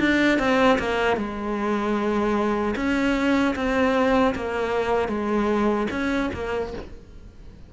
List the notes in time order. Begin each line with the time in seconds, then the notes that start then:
0.00 D4
0.39 C4
0.79 A#3
1.17 G#3
2.76 C#4
3.56 C4
4.35 A#3
5.08 G#3
5.91 C#4
6.34 A#3